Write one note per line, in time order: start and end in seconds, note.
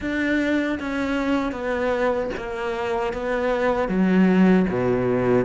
0.00 0.78 D4
0.79 1.52 C#4
1.52 2.30 B3
2.37 3.13 A#3
3.13 3.88 B3
3.88 4.66 F#3
4.69 5.45 B2